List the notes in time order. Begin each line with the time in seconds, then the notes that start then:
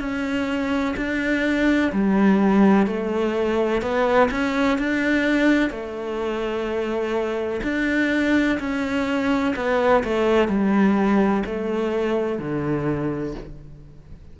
0.00 C#4
0.97 D4
1.93 G3
2.87 A3
3.82 B3
4.31 C#4
4.78 D4
5.71 A3
7.64 D4
8.60 C#4
9.56 B3
10.04 A3
10.49 G3
11.46 A3
12.40 D3